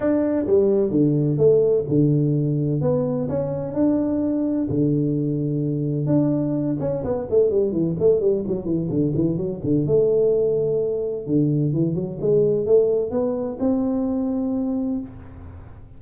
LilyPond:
\new Staff \with { instrumentName = "tuba" } { \time 4/4 \tempo 4 = 128 d'4 g4 d4 a4 | d2 b4 cis'4 | d'2 d2~ | d4 d'4. cis'8 b8 a8 |
g8 e8 a8 g8 fis8 e8 d8 e8 | fis8 d8 a2. | d4 e8 fis8 gis4 a4 | b4 c'2. | }